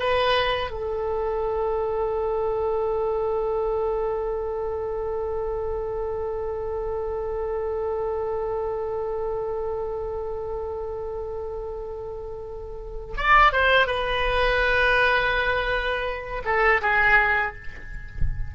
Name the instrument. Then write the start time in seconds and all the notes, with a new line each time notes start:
oboe
0.00 B4
0.71 A4
13.17 D5
13.53 C5
13.87 B4
16.45 A4
16.82 G#4